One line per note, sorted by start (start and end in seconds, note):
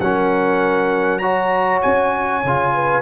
0.00 1.82 F#3
0.00 1.21 C#4
0.00 1.21 A#4
0.00 1.18 F#5
1.18 2.43 F#4
1.18 2.73 C#5
1.18 1.79 A#5
1.81 2.44 C#4
1.81 3.02 G#5
2.44 3.02 C#3
2.44 3.02 F4
2.73 3.02 B4